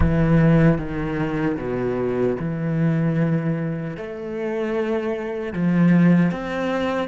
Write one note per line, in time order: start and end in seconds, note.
0.00 0.78 E3
0.78 1.56 D#3
1.57 2.36 B2
2.39 3.97 E3
3.97 5.53 A3
5.53 6.31 F3
6.31 7.08 C4